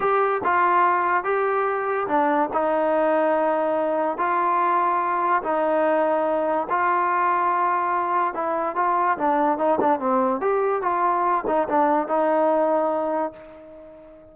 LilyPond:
\new Staff \with { instrumentName = "trombone" } { \time 4/4 \tempo 4 = 144 g'4 f'2 g'4~ | g'4 d'4 dis'2~ | dis'2 f'2~ | f'4 dis'2. |
f'1 | e'4 f'4 d'4 dis'8 d'8 | c'4 g'4 f'4. dis'8 | d'4 dis'2. | }